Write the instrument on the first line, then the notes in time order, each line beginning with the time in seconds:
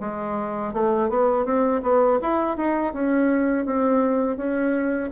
bassoon
0.00 G#3
0.74 A3
1.09 B3
1.45 C4
1.83 B3
2.22 E4
2.57 D#4
2.93 C#4
3.66 C4
4.37 C#4